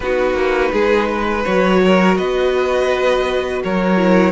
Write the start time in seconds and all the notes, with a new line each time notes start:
0.00 B3 D#4 F#4 B4
0.33 A#3
0.72 G#3 G#4
1.08 B4
1.43 F#3 F#4 C#5
1.84 A#4
2.17 B3 B4 D#5
3.63 F#3 A#4 C#5
3.97 E4